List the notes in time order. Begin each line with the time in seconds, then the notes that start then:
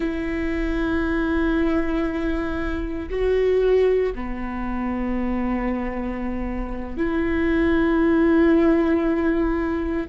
0.00 E4
3.09 F#4
4.14 B3
6.97 E4